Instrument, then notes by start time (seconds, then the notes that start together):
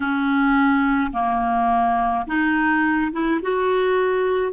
clarinet
0.00 C#4
1.12 A#3
2.26 D#4
3.12 E4
3.42 F#4